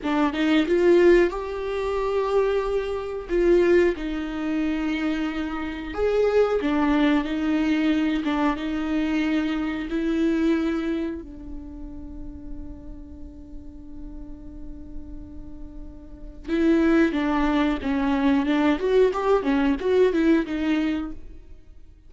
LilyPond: \new Staff \with { instrumentName = "viola" } { \time 4/4 \tempo 4 = 91 d'8 dis'8 f'4 g'2~ | g'4 f'4 dis'2~ | dis'4 gis'4 d'4 dis'4~ | dis'8 d'8 dis'2 e'4~ |
e'4 d'2.~ | d'1~ | d'4 e'4 d'4 cis'4 | d'8 fis'8 g'8 cis'8 fis'8 e'8 dis'4 | }